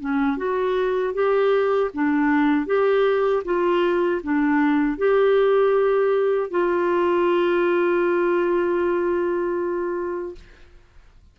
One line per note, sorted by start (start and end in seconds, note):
0.00 0.37 C#4
0.37 1.14 F#4
1.14 1.91 G4
1.93 2.66 D4
2.66 3.43 G4
3.44 4.21 F4
4.23 4.98 D4
4.98 6.50 G4
6.50 10.35 F4